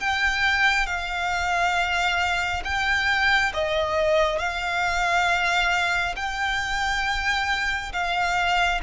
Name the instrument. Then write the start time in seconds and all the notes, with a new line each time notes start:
violin
0.00 G5
0.87 F5
2.64 G5
3.54 D#5
4.39 F5
6.16 G5
7.93 F5